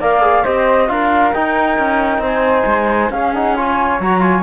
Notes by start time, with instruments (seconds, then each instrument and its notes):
0.00 cello A#3, trombone A#4, flute D5 F5
0.22 trombone G#4
0.44 cello C4, trombone G4, flute C5 D#5
0.88 cello D4, trombone F4, flute A#4 F5
1.34 trombone D#4, cello D#4, flute G5
1.79 cello C#4
2.19 cello C4, flute C5
2.27 flute G#5
2.66 cello G#3
3.10 cello C#4, trombone C#4, flute G#4 F5
3.34 trombone D#4, flute F#5
3.55 trombone F4, flute C#5 G#5
4.00 cello F#3, trombone F#4, flute A#5
4.20 trombone F4, flute G#5